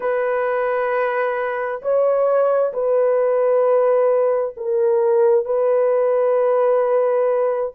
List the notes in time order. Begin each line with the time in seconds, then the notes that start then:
0.00 B4
1.81 C#5
2.73 B4
4.56 A#4
5.45 B4